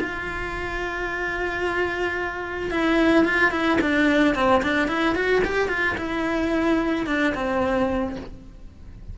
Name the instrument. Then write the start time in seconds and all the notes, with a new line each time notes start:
cello
0.00 F4
2.71 E4
3.25 F4
3.51 E4
3.81 D4
4.35 C4
4.63 D4
4.88 E4
5.15 F#4
5.44 G4
5.69 F4
5.98 E4
7.06 D4
7.34 C4